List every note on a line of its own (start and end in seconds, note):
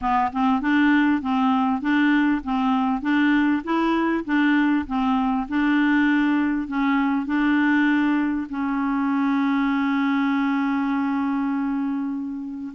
0.01 0.31 B3
0.32 0.61 C4
0.61 1.21 D4
1.21 1.81 C4
1.81 2.41 D4
2.44 3.01 C4
3.01 3.62 D4
3.64 4.24 E4
4.25 4.85 D4
4.87 5.47 C4
5.48 6.67 D4
6.67 7.26 C#4
7.26 8.47 D4
8.49 12.73 C#4